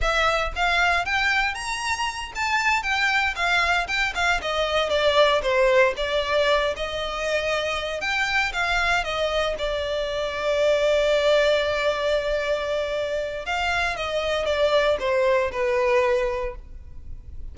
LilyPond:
\new Staff \with { instrumentName = "violin" } { \time 4/4 \tempo 4 = 116 e''4 f''4 g''4 ais''4~ | ais''8 a''4 g''4 f''4 g''8 | f''8 dis''4 d''4 c''4 d''8~ | d''4 dis''2~ dis''8 g''8~ |
g''8 f''4 dis''4 d''4.~ | d''1~ | d''2 f''4 dis''4 | d''4 c''4 b'2 | }